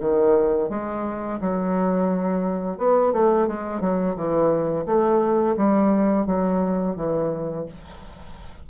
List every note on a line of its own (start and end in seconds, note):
0.00 0.69 D#3
0.69 1.39 G#3
1.40 2.78 F#3
2.78 3.13 B3
3.13 3.47 A3
3.47 3.81 G#3
3.81 4.15 F#3
4.16 4.86 E3
4.86 5.56 A3
5.57 6.26 G3
6.26 6.96 F#3
6.96 7.66 E3